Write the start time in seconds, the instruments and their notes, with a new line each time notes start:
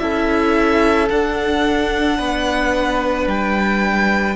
0.00 cello C#4, viola E4, violin A4 E5
1.10 viola D4, cello D4, violin F#5
2.18 cello B3, violin B4
3.27 cello G3, violin G5